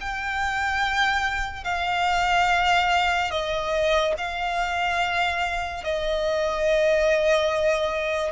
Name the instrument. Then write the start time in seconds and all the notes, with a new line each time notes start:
violin
0.00 G5
1.64 F5
3.30 D#5
4.17 F5
5.84 D#5